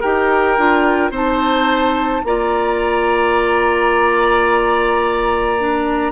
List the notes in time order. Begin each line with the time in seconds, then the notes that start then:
0.00 D#4 G4 A#4 G5
0.57 D4 F4
1.10 C4 D#4 C5 A5
2.24 A#3 F4 D5 A#5
5.59 D4